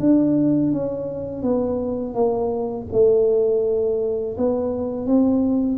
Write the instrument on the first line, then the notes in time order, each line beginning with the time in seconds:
tuba
0.00 D4
0.72 C#4
1.43 B3
2.15 A#3
2.92 A3
4.38 B3
5.06 C4